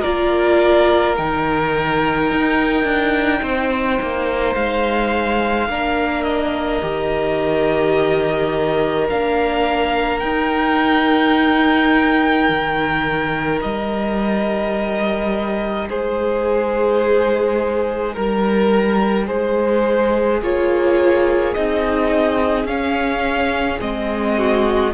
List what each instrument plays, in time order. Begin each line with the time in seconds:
0.00 cello A#3, viola F4, violin A#4 D5
1.17 cello D#3, viola D#4, violin G5
2.31 cello D#4
2.83 cello D4
3.42 cello C4, violin C5
4.01 cello A#3
4.54 cello G#3, violin F5
5.68 cello A#3, viola D4, violin A#4
6.23 violin D#5
6.81 cello D#3, viola G4
9.09 cello A#3, viola D4, violin F5
10.19 viola D#4, cello D#4, violin G5
12.49 cello D#3
13.61 cello G3, violin D#5
15.89 cello G#3, violin G#4 C5
18.13 cello G3, violin A#4
19.25 cello G#3, violin G#4 C5
20.42 cello A#3, viola F4, violin C#5
21.53 cello C4, viola D#4, violin D#5
22.64 cello C#4, viola C#4, violin F5
23.79 cello G#3, viola C4, violin D#5
24.38 violin F#4